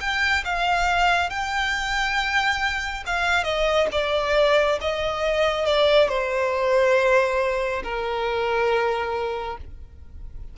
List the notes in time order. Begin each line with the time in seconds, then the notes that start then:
0.00 G5
0.45 F5
1.30 G5
3.06 F5
3.43 D#5
3.92 D5
4.81 D#5
5.66 D5
6.08 C5
7.83 A#4